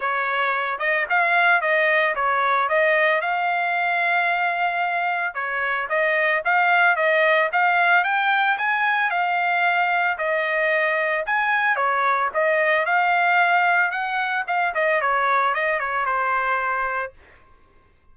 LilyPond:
\new Staff \with { instrumentName = "trumpet" } { \time 4/4 \tempo 4 = 112 cis''4. dis''8 f''4 dis''4 | cis''4 dis''4 f''2~ | f''2 cis''4 dis''4 | f''4 dis''4 f''4 g''4 |
gis''4 f''2 dis''4~ | dis''4 gis''4 cis''4 dis''4 | f''2 fis''4 f''8 dis''8 | cis''4 dis''8 cis''8 c''2 | }